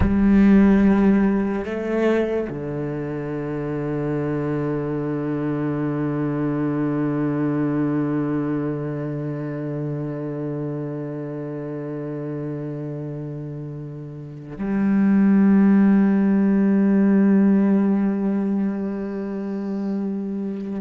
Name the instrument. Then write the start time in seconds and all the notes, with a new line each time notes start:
cello
0.00 G3
1.64 A3
2.49 D3
14.58 G3